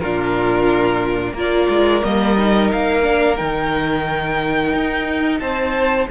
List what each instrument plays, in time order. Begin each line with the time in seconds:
0.00 cello A#2, viola D4, violin F4 A#4
1.33 cello A#3, viola F4, violin A#4
1.39 violin D5
1.69 cello G#3
2.03 cello G3, viola A#3, violin D#5
2.38 viola D#4
2.72 cello A#3, violin F5
3.03 viola D4
3.37 cello D#3, viola D#4, violin G5
4.74 cello D#4
5.39 cello C4, violin C5 A5